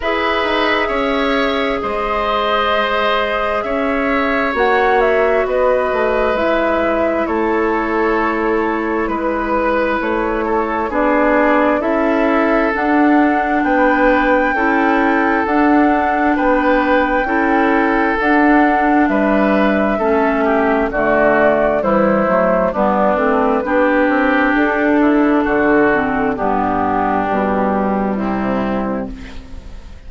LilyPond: <<
  \new Staff \with { instrumentName = "flute" } { \time 4/4 \tempo 4 = 66 e''2 dis''2 | e''4 fis''8 e''8 dis''4 e''4 | cis''2 b'4 cis''4 | d''4 e''4 fis''4 g''4~ |
g''4 fis''4 g''2 | fis''4 e''2 d''4 | c''4 b'2 a'4~ | a'4 g'2 e'4 | }
  \new Staff \with { instrumentName = "oboe" } { \time 4/4 b'4 cis''4 c''2 | cis''2 b'2 | a'2 b'4. a'8 | gis'4 a'2 b'4 |
a'2 b'4 a'4~ | a'4 b'4 a'8 g'8 fis'4 | e'4 d'4 g'4. e'8 | fis'4 d'2 c'4 | }
  \new Staff \with { instrumentName = "clarinet" } { \time 4/4 gis'1~ | gis'4 fis'2 e'4~ | e'1 | d'4 e'4 d'2 |
e'4 d'2 e'4 | d'2 cis'4 a4 | g8 a8 b8 c'8 d'2~ | d'8 c'8 b4 g2 | }
  \new Staff \with { instrumentName = "bassoon" } { \time 4/4 e'8 dis'8 cis'4 gis2 | cis'4 ais4 b8 a8 gis4 | a2 gis4 a4 | b4 cis'4 d'4 b4 |
cis'4 d'4 b4 cis'4 | d'4 g4 a4 d4 | e8 fis8 g8 a8 b8 c'8 d'4 | d4 g,4 b,4 c4 | }
>>